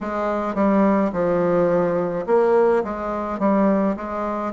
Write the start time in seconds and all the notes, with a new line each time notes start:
0.01 G#3
0.55 G3
1.12 F3
2.26 A#3
2.84 G#3
3.39 G3
3.96 G#3